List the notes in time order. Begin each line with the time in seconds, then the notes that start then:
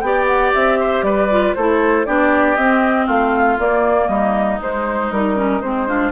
0.00 B3 G4 D5 G5
0.26 F#5
0.53 C4 E5
0.79 C5
1.02 G3 B4 D5
1.30 F4
1.54 A3 E4 A4 C5
2.05 B3 D4 G4 D5
2.56 C4 D#5
3.06 A3 F4 F5
3.58 A#3 D5
4.07 G3 D#4 D#5
4.61 G#3 C5
5.11 G3 D#4 A#4
5.35 C#4
5.61 G#3 C4 C5
5.87 D4 F4